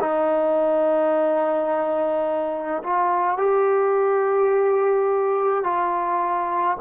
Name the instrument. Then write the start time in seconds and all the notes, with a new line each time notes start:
trombone
0.00 D#4
2.84 F4
3.38 G4
5.64 F4